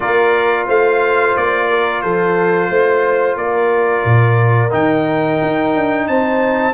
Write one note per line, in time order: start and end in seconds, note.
0.00 0.68 A#3
0.00 4.70 F4
0.00 0.67 A#4
0.00 0.66 D5
0.67 1.36 A3
0.67 1.68 C5
0.67 1.36 F5
1.36 2.04 A#3
1.36 2.01 D5
1.69 2.02 A#4
2.01 2.69 F3
2.01 2.69 A4
2.01 3.36 C5
2.69 3.36 A3
2.69 3.37 C5
3.36 4.04 A#3
3.36 6.08 A#4
3.36 4.72 D5
4.04 4.72 A#2
4.70 5.40 D#3
4.70 6.72 D#4
4.70 6.07 G5
5.41 5.75 D#4
5.75 6.08 D4
6.07 6.73 C4
6.07 6.73 C5
6.07 6.73 A5